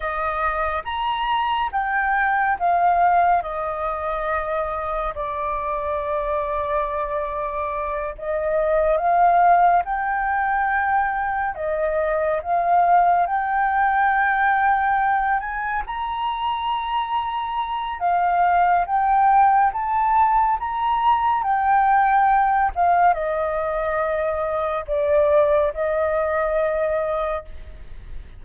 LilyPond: \new Staff \with { instrumentName = "flute" } { \time 4/4 \tempo 4 = 70 dis''4 ais''4 g''4 f''4 | dis''2 d''2~ | d''4. dis''4 f''4 g''8~ | g''4. dis''4 f''4 g''8~ |
g''2 gis''8 ais''4.~ | ais''4 f''4 g''4 a''4 | ais''4 g''4. f''8 dis''4~ | dis''4 d''4 dis''2 | }